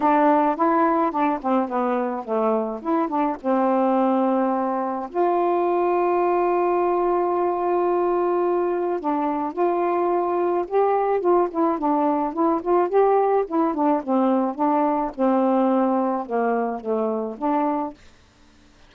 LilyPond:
\new Staff \with { instrumentName = "saxophone" } { \time 4/4 \tempo 4 = 107 d'4 e'4 d'8 c'8 b4 | a4 e'8 d'8 c'2~ | c'4 f'2.~ | f'1 |
d'4 f'2 g'4 | f'8 e'8 d'4 e'8 f'8 g'4 | e'8 d'8 c'4 d'4 c'4~ | c'4 ais4 a4 d'4 | }